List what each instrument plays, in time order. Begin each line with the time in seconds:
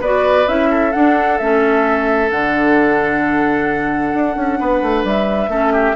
0.00 bassoon B3, clarinet F#4, oboe B4, flute D5
0.47 bassoon C#4, clarinet E4, flute E5
0.70 oboe A4
0.92 clarinet D4, bassoon D4, flute F#5
1.38 bassoon A3, clarinet C#4, flute E5
2.29 bassoon D3, clarinet D4, flute F#5
4.14 bassoon D4
4.36 bassoon C#4
4.59 bassoon B3, oboe B4
4.82 bassoon A3
5.04 bassoon G3, flute E5
5.48 bassoon A3, clarinet C#4, oboe A4
5.72 oboe G4